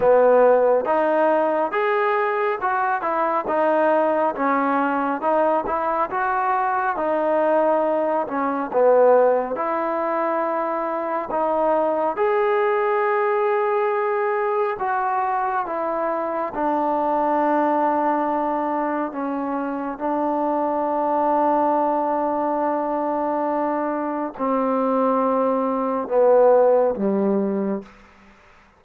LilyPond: \new Staff \with { instrumentName = "trombone" } { \time 4/4 \tempo 4 = 69 b4 dis'4 gis'4 fis'8 e'8 | dis'4 cis'4 dis'8 e'8 fis'4 | dis'4. cis'8 b4 e'4~ | e'4 dis'4 gis'2~ |
gis'4 fis'4 e'4 d'4~ | d'2 cis'4 d'4~ | d'1 | c'2 b4 g4 | }